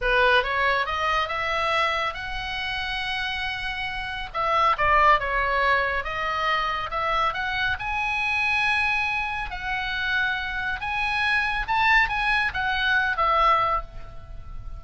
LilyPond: \new Staff \with { instrumentName = "oboe" } { \time 4/4 \tempo 4 = 139 b'4 cis''4 dis''4 e''4~ | e''4 fis''2.~ | fis''2 e''4 d''4 | cis''2 dis''2 |
e''4 fis''4 gis''2~ | gis''2 fis''2~ | fis''4 gis''2 a''4 | gis''4 fis''4. e''4. | }